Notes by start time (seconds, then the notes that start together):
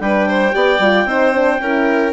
0.00 G3 D4 B4 G5
0.28 C5
0.52 B3 G4 D5
0.79 G3 F4
1.05 C4 D#4 C5
1.33 D4
1.60 C#4 E4 A#4